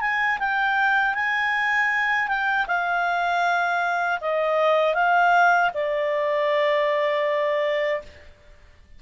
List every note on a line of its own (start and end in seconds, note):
0.00 0.38 G#5
0.39 1.14 G5
1.14 2.28 G#5
2.28 2.65 G5
2.67 4.19 F5
4.20 4.94 D#5
4.94 5.70 F5
5.74 8.02 D5